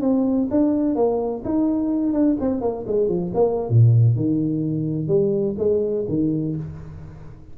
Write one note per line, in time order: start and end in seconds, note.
0.00 0.48 C4
0.50 0.95 D4
0.95 1.43 A#3
1.44 2.12 D#4
2.12 2.36 D4
2.40 2.61 C4
2.61 2.85 A#3
2.87 3.08 G#3
3.08 3.32 F3
3.34 3.69 A#3
3.69 4.15 A#2
4.15 5.07 D#3
5.07 5.55 G3
5.58 6.05 G#3
6.08 6.55 D#3